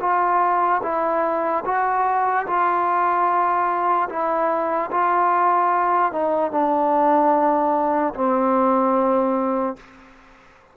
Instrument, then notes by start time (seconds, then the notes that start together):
trombone
0.00 F4
0.82 E4
1.65 F#4
2.46 F4
4.09 E4
4.91 F4
6.12 D#4
6.51 D4
8.14 C4